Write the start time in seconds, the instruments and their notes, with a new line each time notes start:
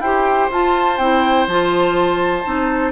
0.00 bassoon E4, clarinet G4, oboe C5, flute G5
0.51 bassoon F4, clarinet F4, flute A5
0.98 bassoon C4, clarinet E4, flute G5
1.47 bassoon F3, clarinet F4, flute A5
2.45 bassoon C4, clarinet D#4